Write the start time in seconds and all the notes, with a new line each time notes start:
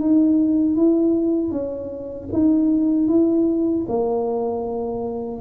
0.00 D#4
0.76 E4
1.51 C#4
2.33 D#4
3.08 E4
3.89 A#3